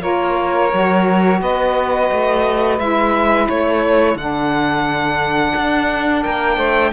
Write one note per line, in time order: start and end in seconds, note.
0.00 0.73 A#3
0.00 0.69 F4
0.00 1.40 A#4
0.00 1.40 C#5
0.72 1.41 F#3
0.72 2.79 F#4
1.41 2.10 B3
1.41 3.47 B4
1.41 2.79 D#5
2.11 2.79 A3
2.79 3.48 G#3
2.79 4.17 E4
2.79 3.48 E5
3.47 4.15 A3
3.47 6.23 A4
3.47 4.17 C#5
4.15 5.53 D3
4.15 6.93 D4
4.15 6.23 F#5
5.56 6.25 D4
6.23 6.57 A#3
6.23 6.57 A#4
6.23 6.92 G5
6.57 6.91 A3
6.57 6.91 C5